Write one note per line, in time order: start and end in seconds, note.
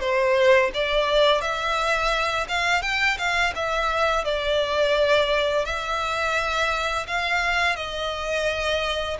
0.00 0.71 C5
0.74 1.41 D5
1.41 2.47 E5
2.48 2.82 F5
2.82 3.17 G5
3.18 3.53 F5
3.55 4.24 E5
4.24 5.65 D5
5.65 7.07 E5
7.07 7.76 F5
7.76 9.17 D#5